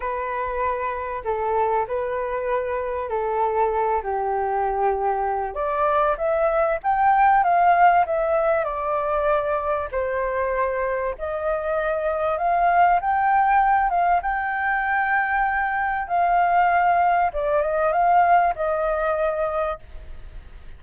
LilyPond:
\new Staff \with { instrumentName = "flute" } { \time 4/4 \tempo 4 = 97 b'2 a'4 b'4~ | b'4 a'4. g'4.~ | g'4 d''4 e''4 g''4 | f''4 e''4 d''2 |
c''2 dis''2 | f''4 g''4. f''8 g''4~ | g''2 f''2 | d''8 dis''8 f''4 dis''2 | }